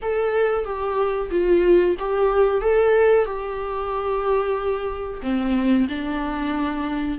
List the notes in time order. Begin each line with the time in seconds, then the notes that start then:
0.01 A4
0.65 G4
1.30 F4
1.99 G4
2.61 A4
3.25 G4
5.22 C4
5.88 D4